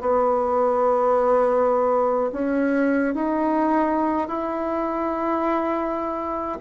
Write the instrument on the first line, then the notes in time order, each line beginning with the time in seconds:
bassoon
0.00 B3
2.32 C#4
3.14 D#4
4.28 E4